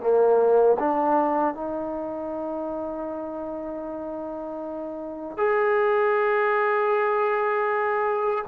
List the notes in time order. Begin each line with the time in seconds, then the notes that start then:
0.00 A#3
0.79 D4
1.55 D#4
5.37 G#4